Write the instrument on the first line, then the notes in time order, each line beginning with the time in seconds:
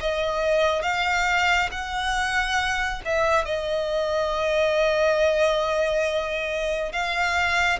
violin
0.00 D#5
0.82 F5
1.71 F#5
3.05 E5
3.45 D#5
6.92 F5